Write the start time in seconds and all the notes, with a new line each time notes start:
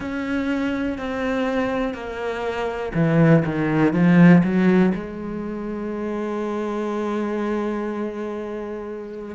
0.00 C#4
0.98 C4
1.94 A#3
2.94 E3
3.45 D#3
3.93 F3
4.43 F#3
4.94 G#3